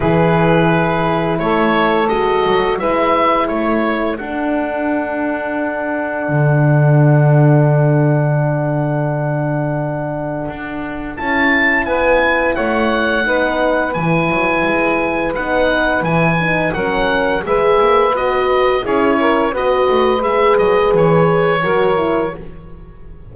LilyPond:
<<
  \new Staff \with { instrumentName = "oboe" } { \time 4/4 \tempo 4 = 86 b'2 cis''4 dis''4 | e''4 cis''4 fis''2~ | fis''1~ | fis''1 |
a''4 gis''4 fis''2 | gis''2 fis''4 gis''4 | fis''4 e''4 dis''4 cis''4 | dis''4 e''8 dis''8 cis''2 | }
  \new Staff \with { instrumentName = "saxophone" } { \time 4/4 gis'2 a'2 | b'4 a'2.~ | a'1~ | a'1~ |
a'4 b'4 cis''4 b'4~ | b'1 | ais'4 b'2 gis'8 ais'8 | b'2. ais'4 | }
  \new Staff \with { instrumentName = "horn" } { \time 4/4 e'2. fis'4 | e'2 d'2~ | d'1~ | d'1 |
e'2. dis'4 | e'2 dis'4 e'8 dis'8 | cis'4 gis'4 fis'4 e'4 | fis'4 gis'2 fis'8 e'8 | }
  \new Staff \with { instrumentName = "double bass" } { \time 4/4 e2 a4 gis8 fis8 | gis4 a4 d'2~ | d'4 d2.~ | d2. d'4 |
cis'4 b4 a4 b4 | e8 fis8 gis4 b4 e4 | fis4 gis8 ais8 b4 cis'4 | b8 a8 gis8 fis8 e4 fis4 | }
>>